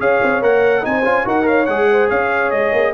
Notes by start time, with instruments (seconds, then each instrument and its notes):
0.00 tuba C#4, trombone G#4, horn C#5, trumpet F5
0.23 tuba C4
0.42 tuba A#3, trombone A#4, trumpet F#5
0.82 tuba C4, trombone D#4, horn C5, trumpet G#5
1.04 tuba C#4, trombone F4
1.25 tuba D#4, trombone F#4, horn A#4, trumpet F#5
1.43 trombone A#4, horn C#5, trumpet F5
1.66 tuba G#3, trombone G#4, trumpet F#5
1.92 horn C5
2.10 tuba C#4, horn C#5, trumpet F5
2.51 tuba G#3, trumpet D#5
2.73 tuba A#3